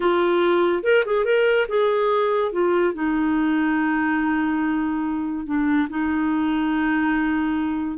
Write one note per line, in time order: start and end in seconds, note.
0.00 0.83 F4
0.83 1.04 A#4
1.05 1.24 G#4
1.24 1.66 A#4
1.68 2.52 G#4
2.52 2.94 F4
2.94 5.45 D#4
5.45 5.87 D4
5.89 7.98 D#4